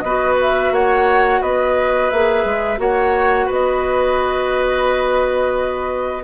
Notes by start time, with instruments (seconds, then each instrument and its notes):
0.00 bassoon B3, oboe B4, flute D#5
0.06 clarinet F#4
0.42 flute E5
0.72 bassoon A#3, oboe C#5, flute F#5
1.42 bassoon B3, oboe B4, flute D#5
2.10 bassoon A#3, clarinet G#4, flute E5
2.45 bassoon G#3
2.78 bassoon A#3, clarinet F#4, oboe C#5, flute F#5
3.47 bassoon B3, oboe B4, flute D#5